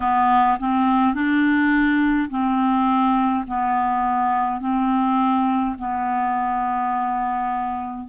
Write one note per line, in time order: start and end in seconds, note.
0.00 0.58 B3
0.59 1.14 C4
1.14 2.29 D4
2.30 3.45 C4
3.47 4.60 B3
4.60 5.75 C4
5.78 8.08 B3